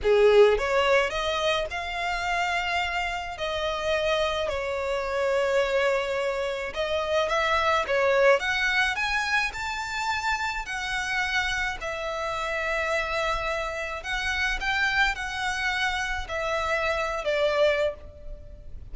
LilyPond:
\new Staff \with { instrumentName = "violin" } { \time 4/4 \tempo 4 = 107 gis'4 cis''4 dis''4 f''4~ | f''2 dis''2 | cis''1 | dis''4 e''4 cis''4 fis''4 |
gis''4 a''2 fis''4~ | fis''4 e''2.~ | e''4 fis''4 g''4 fis''4~ | fis''4 e''4.~ e''16 d''4~ d''16 | }